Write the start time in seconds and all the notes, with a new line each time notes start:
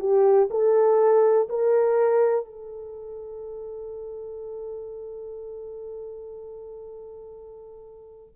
0.00 G4
0.51 A4
1.49 A#4
2.45 A4